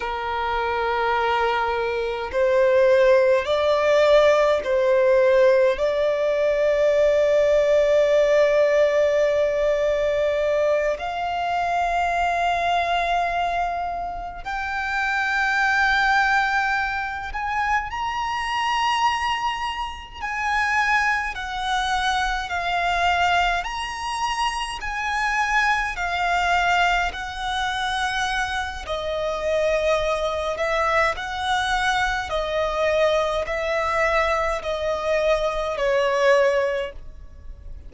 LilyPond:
\new Staff \with { instrumentName = "violin" } { \time 4/4 \tempo 4 = 52 ais'2 c''4 d''4 | c''4 d''2.~ | d''4. f''2~ f''8~ | f''8 g''2~ g''8 gis''8 ais''8~ |
ais''4. gis''4 fis''4 f''8~ | f''8 ais''4 gis''4 f''4 fis''8~ | fis''4 dis''4. e''8 fis''4 | dis''4 e''4 dis''4 cis''4 | }